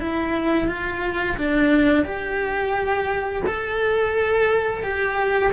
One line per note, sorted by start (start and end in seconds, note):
0.00 0.68 E4
0.68 1.37 F4
1.37 2.04 D4
2.04 3.42 G4
3.46 4.83 A4
4.83 5.52 G4